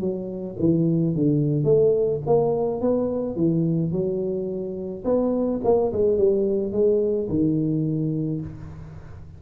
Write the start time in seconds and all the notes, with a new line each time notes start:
0.00 F#3
0.59 E3
1.14 D3
1.64 A3
2.26 A#3
2.81 B3
3.35 E3
3.91 F#3
5.04 B3
5.64 A#3
5.92 G#3
6.17 G3
6.72 G#3
7.28 D#3